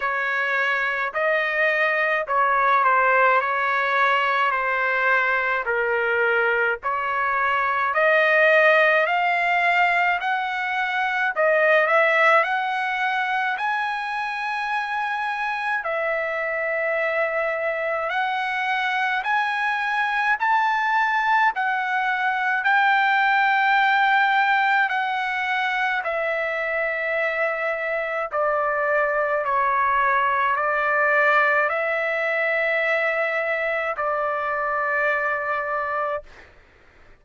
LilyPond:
\new Staff \with { instrumentName = "trumpet" } { \time 4/4 \tempo 4 = 53 cis''4 dis''4 cis''8 c''8 cis''4 | c''4 ais'4 cis''4 dis''4 | f''4 fis''4 dis''8 e''8 fis''4 | gis''2 e''2 |
fis''4 gis''4 a''4 fis''4 | g''2 fis''4 e''4~ | e''4 d''4 cis''4 d''4 | e''2 d''2 | }